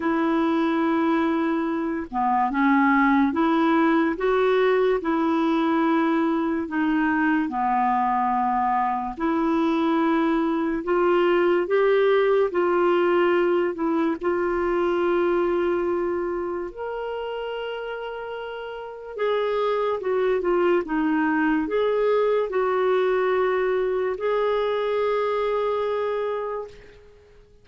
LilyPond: \new Staff \with { instrumentName = "clarinet" } { \time 4/4 \tempo 4 = 72 e'2~ e'8 b8 cis'4 | e'4 fis'4 e'2 | dis'4 b2 e'4~ | e'4 f'4 g'4 f'4~ |
f'8 e'8 f'2. | ais'2. gis'4 | fis'8 f'8 dis'4 gis'4 fis'4~ | fis'4 gis'2. | }